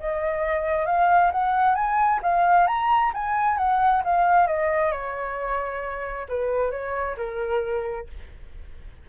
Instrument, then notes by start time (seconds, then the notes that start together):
flute
0.00 D#5
0.86 F5
1.32 F#5
1.75 G#5
2.23 F5
2.67 A#5
3.14 G#5
3.58 F#5
4.04 F5
4.47 D#5
4.92 C#5
6.29 B4
6.71 C#5
7.17 A#4